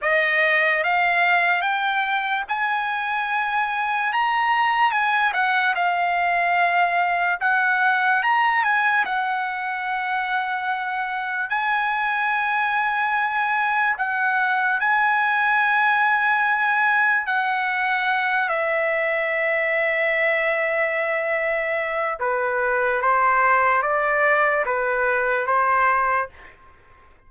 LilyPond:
\new Staff \with { instrumentName = "trumpet" } { \time 4/4 \tempo 4 = 73 dis''4 f''4 g''4 gis''4~ | gis''4 ais''4 gis''8 fis''8 f''4~ | f''4 fis''4 ais''8 gis''8 fis''4~ | fis''2 gis''2~ |
gis''4 fis''4 gis''2~ | gis''4 fis''4. e''4.~ | e''2. b'4 | c''4 d''4 b'4 c''4 | }